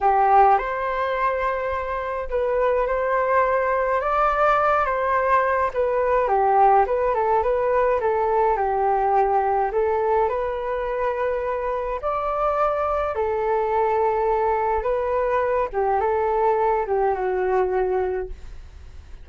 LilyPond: \new Staff \with { instrumentName = "flute" } { \time 4/4 \tempo 4 = 105 g'4 c''2. | b'4 c''2 d''4~ | d''8 c''4. b'4 g'4 | b'8 a'8 b'4 a'4 g'4~ |
g'4 a'4 b'2~ | b'4 d''2 a'4~ | a'2 b'4. g'8 | a'4. g'8 fis'2 | }